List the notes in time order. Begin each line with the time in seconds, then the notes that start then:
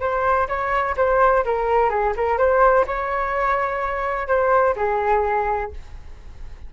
0.00 C5
0.48 C#5
0.97 C5
1.45 A#4
1.90 G#4
2.16 A#4
2.38 C5
2.87 C#5
4.27 C5
4.76 G#4